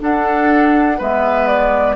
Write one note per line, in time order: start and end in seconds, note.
0.00 0.98 D4
0.00 1.00 D4
0.00 0.98 A4
0.00 1.01 F#5
0.98 1.96 G#3
0.98 1.96 B3
0.98 1.96 B4
0.98 1.47 E5
1.47 1.96 D5